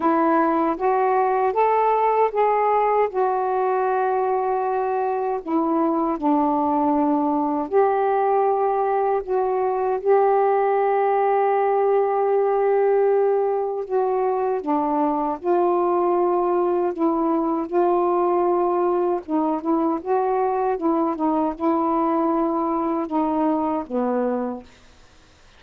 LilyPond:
\new Staff \with { instrumentName = "saxophone" } { \time 4/4 \tempo 4 = 78 e'4 fis'4 a'4 gis'4 | fis'2. e'4 | d'2 g'2 | fis'4 g'2.~ |
g'2 fis'4 d'4 | f'2 e'4 f'4~ | f'4 dis'8 e'8 fis'4 e'8 dis'8 | e'2 dis'4 b4 | }